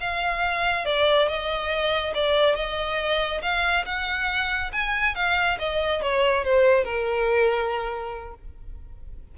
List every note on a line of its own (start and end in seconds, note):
0.00 0.85 F5
0.85 1.28 D5
1.28 2.14 D#5
2.14 2.55 D5
2.55 3.41 D#5
3.42 3.85 F5
3.86 4.71 F#5
4.72 5.15 G#5
5.15 5.58 F5
5.59 6.02 D#5
6.02 6.44 C#5
6.44 6.85 C5
6.85 8.35 A#4